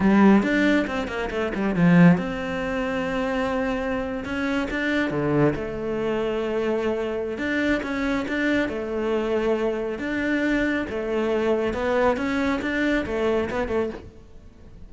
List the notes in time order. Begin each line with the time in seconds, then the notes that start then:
0.00 G3
0.42 D4
0.87 C4
1.07 A#3
1.30 A3
1.54 G3
1.75 F3
2.17 C4
4.24 C#4
4.70 D4
5.10 D3
5.55 A3
7.38 D4
7.82 C#4
8.28 D4
8.69 A3
9.98 D4
10.89 A3
11.73 B3
12.16 C#4
12.61 D4
13.06 A3
13.50 B3
13.67 A3